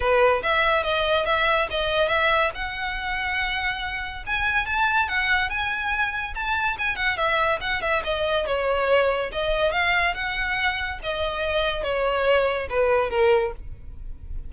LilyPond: \new Staff \with { instrumentName = "violin" } { \time 4/4 \tempo 4 = 142 b'4 e''4 dis''4 e''4 | dis''4 e''4 fis''2~ | fis''2 gis''4 a''4 | fis''4 gis''2 a''4 |
gis''8 fis''8 e''4 fis''8 e''8 dis''4 | cis''2 dis''4 f''4 | fis''2 dis''2 | cis''2 b'4 ais'4 | }